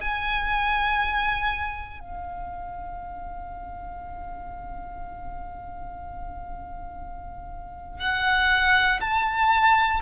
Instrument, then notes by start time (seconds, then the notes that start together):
violin
0.00 G#5
1.99 F5
7.99 F#5
9.00 A5